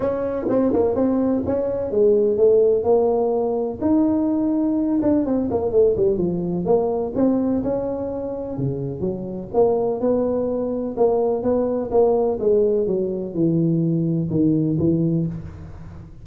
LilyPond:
\new Staff \with { instrumentName = "tuba" } { \time 4/4 \tempo 4 = 126 cis'4 c'8 ais8 c'4 cis'4 | gis4 a4 ais2 | dis'2~ dis'8 d'8 c'8 ais8 | a8 g8 f4 ais4 c'4 |
cis'2 cis4 fis4 | ais4 b2 ais4 | b4 ais4 gis4 fis4 | e2 dis4 e4 | }